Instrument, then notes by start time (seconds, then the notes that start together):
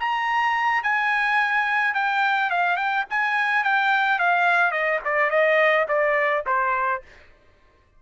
trumpet
0.00 A#5
0.83 G#5
1.94 G5
2.51 F5
2.77 G5
3.10 G#5
3.64 G5
4.20 F5
4.72 D#5
5.05 D5
5.30 D#5
5.89 D5
6.46 C5